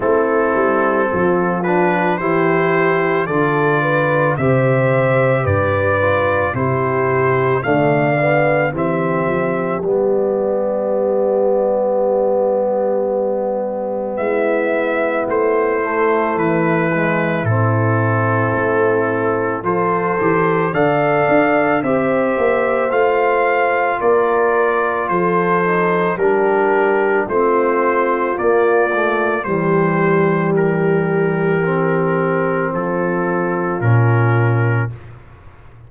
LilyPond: <<
  \new Staff \with { instrumentName = "trumpet" } { \time 4/4 \tempo 4 = 55 a'4. b'8 c''4 d''4 | e''4 d''4 c''4 f''4 | e''4 d''2.~ | d''4 e''4 c''4 b'4 |
a'2 c''4 f''4 | e''4 f''4 d''4 c''4 | ais'4 c''4 d''4 c''4 | ais'2 a'4 ais'4 | }
  \new Staff \with { instrumentName = "horn" } { \time 4/4 e'4 f'4 g'4 a'8 b'8 | c''4 b'4 g'4 d''4 | g'1~ | g'4 e'2.~ |
e'2 a'4 d''4 | c''2 ais'4 a'4 | g'4 f'2 g'4~ | g'2 f'2 | }
  \new Staff \with { instrumentName = "trombone" } { \time 4/4 c'4. d'8 e'4 f'4 | g'4. f'8 e'4 a8 b8 | c'4 b2.~ | b2~ b8 a4 gis8 |
c'2 f'8 g'8 a'4 | g'4 f'2~ f'8 dis'8 | d'4 c'4 ais8 a8 g4~ | g4 c'2 cis'4 | }
  \new Staff \with { instrumentName = "tuba" } { \time 4/4 a8 g8 f4 e4 d4 | c4 g,4 c4 d4 | e8 f8 g2.~ | g4 gis4 a4 e4 |
a,4 a4 f8 e8 d8 d'8 | c'8 ais8 a4 ais4 f4 | g4 a4 ais4 e4~ | e2 f4 ais,4 | }
>>